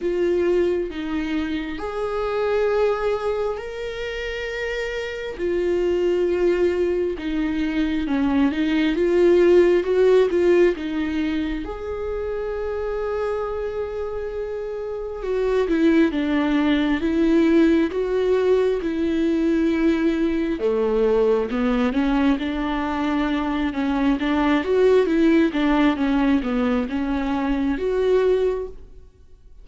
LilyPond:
\new Staff \with { instrumentName = "viola" } { \time 4/4 \tempo 4 = 67 f'4 dis'4 gis'2 | ais'2 f'2 | dis'4 cis'8 dis'8 f'4 fis'8 f'8 | dis'4 gis'2.~ |
gis'4 fis'8 e'8 d'4 e'4 | fis'4 e'2 a4 | b8 cis'8 d'4. cis'8 d'8 fis'8 | e'8 d'8 cis'8 b8 cis'4 fis'4 | }